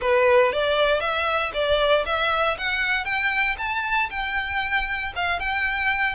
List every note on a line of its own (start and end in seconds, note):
0.01 0.52 B4
0.52 1.00 D5
1.00 1.51 E5
1.53 2.04 D5
2.05 2.57 E5
2.58 3.04 F#5
3.04 3.56 G5
3.58 4.09 A5
4.10 5.12 G5
5.15 5.39 F5
5.39 6.15 G5